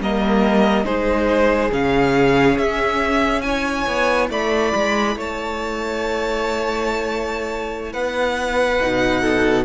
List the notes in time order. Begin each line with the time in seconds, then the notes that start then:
0.00 G3 A#3 A#4 D#5
0.85 G#3 D#4 G#4 C5
1.72 C#3 C#4 F5
2.58 C#4 E5
3.42 E4 C#5 G#5
3.87 B3
4.30 A3 D5 B5
4.76 G#3
5.16 A3 C#5 A5
7.93 B3 B4 F#5
8.81 B2 D#4
9.22 A4